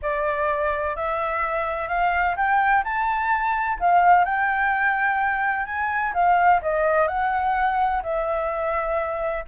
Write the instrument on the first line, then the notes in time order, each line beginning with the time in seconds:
flute
0.02 D5
0.96 E5
1.88 F5
2.36 G5
2.83 A5
3.79 F5
4.24 G5
5.65 G#5
6.13 F5
6.61 D#5
7.07 F#5
8.02 E5